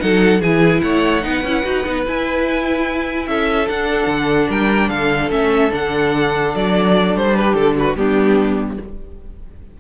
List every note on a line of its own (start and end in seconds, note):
0.00 0.41 F#3
0.00 0.41 D#4
0.00 0.41 A4
0.00 0.41 F#5
0.41 0.82 E3
0.41 1.23 E4
0.41 0.81 G#4
0.41 0.81 G#5
0.81 1.25 A3
0.81 1.24 C#5
0.81 2.03 F#5
1.23 1.44 B3
1.23 1.43 D#4
1.23 3.28 B4
1.44 1.64 C#4
1.44 1.64 E4
1.64 1.86 D#4
1.64 1.84 F#4
1.85 2.07 B3
1.85 2.06 D#4
2.06 3.68 E4
2.06 3.28 E4
2.06 3.27 G#5
3.27 3.68 C#4
3.27 4.49 A4
3.27 3.68 E5
3.68 5.31 D4
3.68 4.07 D4
3.68 4.50 F#5
4.07 4.48 D3
4.49 4.90 G3
4.49 4.90 A#4
4.49 4.90 G5
4.90 5.31 D3
4.90 7.37 A4
4.90 5.31 F5
5.31 5.72 A3
5.31 5.70 C#4
5.31 5.72 E5
5.70 6.55 D3
5.70 7.95 D4
5.70 6.56 F#5
6.55 7.15 F#3
6.55 7.17 D5
7.15 7.55 G3
7.15 7.37 C5
7.37 7.78 G4
7.37 7.55 B4
7.55 7.96 D3
7.55 7.76 A4
7.78 7.98 F#4
7.78 7.97 B4
7.97 8.78 G3
7.97 8.78 B3
7.97 8.80 D4
7.97 8.78 G4